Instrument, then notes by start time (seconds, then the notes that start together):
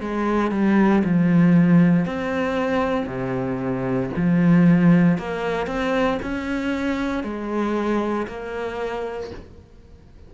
cello
0.00 G#3
0.51 G3
1.04 F3
2.05 C4
3.06 C3
4.16 F3
5.18 A#3
5.67 C4
6.23 C#4
7.23 G#3
8.27 A#3